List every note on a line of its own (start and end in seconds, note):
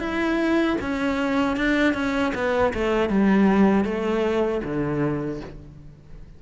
0.00 0.77 E4
0.81 1.56 C#4
1.56 1.94 D4
1.94 2.33 C#4
2.35 2.73 B3
2.74 3.09 A3
3.09 3.85 G3
3.85 4.62 A3
4.64 5.41 D3